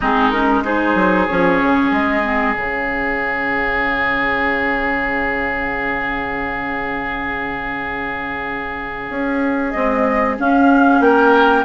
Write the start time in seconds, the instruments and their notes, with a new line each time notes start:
0.00 bassoon G#3, clarinet C4, oboe D#4, flute G#4
0.30 clarinet C#4, flute A#4
0.63 clarinet D#4, oboe G#4, flute C5
0.94 bassoon F#3
1.27 bassoon F3, clarinet C#4, flute C#5
1.61 bassoon C#3
1.91 bassoon G#3, flute D#5
2.23 clarinet C4
2.54 bassoon C#3, clarinet C#4, flute F5
9.09 bassoon C#4
9.70 clarinet G#3, bassoon C4, flute D#5
10.38 clarinet C#4, bassoon C#4, flute F5
11.00 bassoon A#3, oboe A#4, flute G5